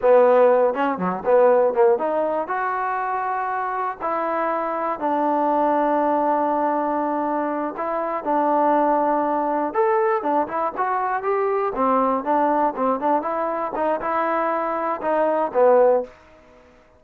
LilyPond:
\new Staff \with { instrumentName = "trombone" } { \time 4/4 \tempo 4 = 120 b4. cis'8 fis8 b4 ais8 | dis'4 fis'2. | e'2 d'2~ | d'2.~ d'8 e'8~ |
e'8 d'2. a'8~ | a'8 d'8 e'8 fis'4 g'4 c'8~ | c'8 d'4 c'8 d'8 e'4 dis'8 | e'2 dis'4 b4 | }